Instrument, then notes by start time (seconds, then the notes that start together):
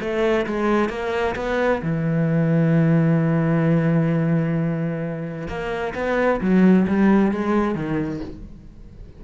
cello
0.00 A3
0.46 G#3
0.89 A#3
1.36 B3
1.82 E3
5.48 A#3
5.94 B3
6.41 F#3
6.87 G3
7.31 G#3
7.74 D#3